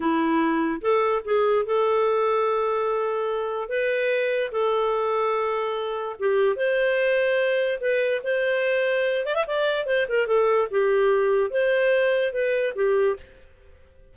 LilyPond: \new Staff \with { instrumentName = "clarinet" } { \time 4/4 \tempo 4 = 146 e'2 a'4 gis'4 | a'1~ | a'4 b'2 a'4~ | a'2. g'4 |
c''2. b'4 | c''2~ c''8 d''16 e''16 d''4 | c''8 ais'8 a'4 g'2 | c''2 b'4 g'4 | }